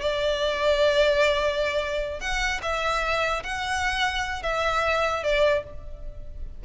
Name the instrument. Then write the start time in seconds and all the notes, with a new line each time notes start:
violin
0.00 D5
2.20 F#5
2.62 E5
3.43 F#5
4.42 E5
5.23 D5